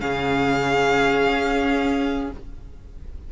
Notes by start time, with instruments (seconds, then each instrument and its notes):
0.00 cello C#3, viola C#4, violin G#4 F5
1.27 cello C#4